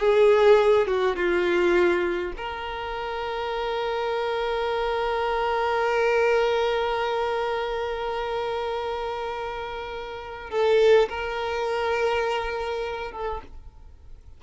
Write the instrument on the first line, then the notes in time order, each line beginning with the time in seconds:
violin
0.00 G#4
0.87 F#4
1.17 F4
2.37 A#4
10.50 A4
11.09 A#4
13.12 A4